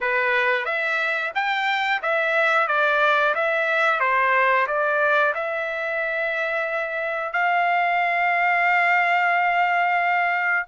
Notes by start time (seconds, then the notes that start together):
0.00 B4
0.65 E5
1.35 G5
2.02 E5
2.67 D5
3.34 E5
4.00 C5
4.67 D5
5.34 E5
7.32 F5